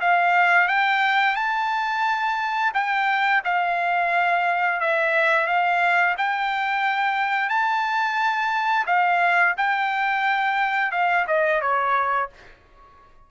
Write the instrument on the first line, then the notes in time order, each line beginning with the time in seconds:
trumpet
0.00 F5
0.68 G5
1.35 A5
2.73 G5
3.44 F5
4.80 E5
5.46 F5
6.17 G5
7.49 A5
8.86 F5
9.57 G5
10.91 F5
11.27 D#5
11.61 C#5